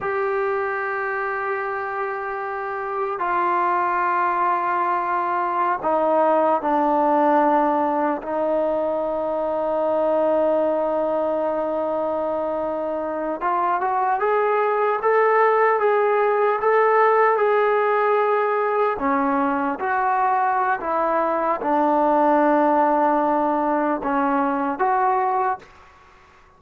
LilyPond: \new Staff \with { instrumentName = "trombone" } { \time 4/4 \tempo 4 = 75 g'1 | f'2.~ f'16 dis'8.~ | dis'16 d'2 dis'4.~ dis'16~ | dis'1~ |
dis'8. f'8 fis'8 gis'4 a'4 gis'16~ | gis'8. a'4 gis'2 cis'16~ | cis'8. fis'4~ fis'16 e'4 d'4~ | d'2 cis'4 fis'4 | }